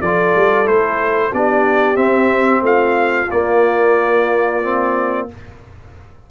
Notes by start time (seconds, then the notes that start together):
0.00 F3 F4 A4 D5
0.35 G3
0.65 A3 E4 C5
1.32 B3 D4 G4 D5
1.95 C4 E5
2.61 A3 F4 F5
3.30 A#3 D5
4.62 C4